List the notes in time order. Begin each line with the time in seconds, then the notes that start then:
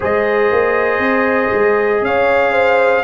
0.00 G#3 G#4 C5 D#5
0.51 A#3
0.99 C4
1.53 G#3
2.01 C#4 C#5 F5
2.52 C5